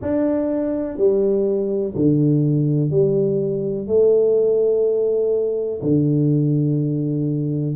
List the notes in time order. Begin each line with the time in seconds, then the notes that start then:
0.01 D4
0.97 G3
1.95 D3
2.90 G3
3.87 A3
5.82 D3